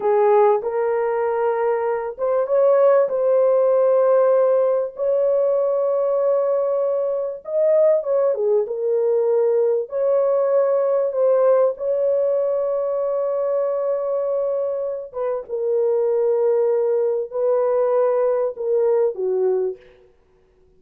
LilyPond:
\new Staff \with { instrumentName = "horn" } { \time 4/4 \tempo 4 = 97 gis'4 ais'2~ ais'8 c''8 | cis''4 c''2. | cis''1 | dis''4 cis''8 gis'8 ais'2 |
cis''2 c''4 cis''4~ | cis''1~ | cis''8 b'8 ais'2. | b'2 ais'4 fis'4 | }